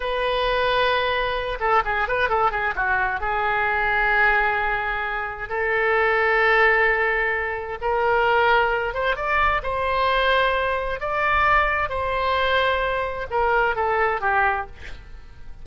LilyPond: \new Staff \with { instrumentName = "oboe" } { \time 4/4 \tempo 4 = 131 b'2.~ b'8 a'8 | gis'8 b'8 a'8 gis'8 fis'4 gis'4~ | gis'1 | a'1~ |
a'4 ais'2~ ais'8 c''8 | d''4 c''2. | d''2 c''2~ | c''4 ais'4 a'4 g'4 | }